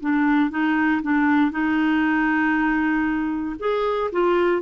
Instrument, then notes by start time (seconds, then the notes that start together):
clarinet
0.00 D4
0.50 D#4
1.02 D4
1.51 D#4
3.59 G#4
4.12 F4